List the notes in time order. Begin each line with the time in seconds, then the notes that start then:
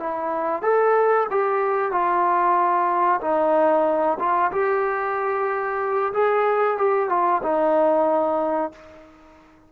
0.00 E4
0.62 A4
1.31 G4
1.92 F4
3.21 D#4
4.19 F4
4.52 G4
6.14 G#4
6.78 G4
7.10 F4
7.43 D#4